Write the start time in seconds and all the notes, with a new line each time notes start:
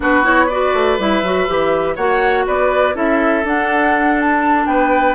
0.00 B3 D4 F#4 B4
0.23 E4 C#5
0.46 F#4 B4 D5
0.73 A3
0.98 G3 E4 E5
1.22 F#3 F#4
1.47 E3 G4
1.95 A#3 F#4 C#5 F#5
2.46 B3 B4 D5
2.93 C#4 E4 A4 E5
3.43 D4 F#5
4.20 A5
4.66 B3 B4 G5